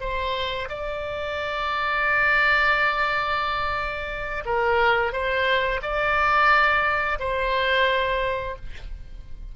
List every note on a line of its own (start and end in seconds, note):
0.00 0.68 C5
0.69 4.44 D5
4.45 5.12 A#4
5.12 5.80 C5
5.82 7.18 D5
7.19 8.55 C5